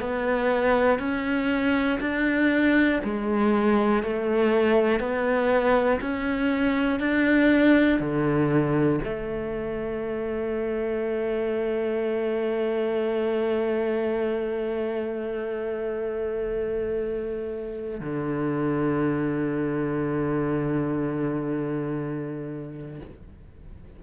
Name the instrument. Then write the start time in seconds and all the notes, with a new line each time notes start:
cello
0.00 B3
0.99 C#4
2.00 D4
3.04 G#3
4.03 A3
5.00 B3
6.01 C#4
7.00 D4
8.00 D3
9.04 A3
18.00 D3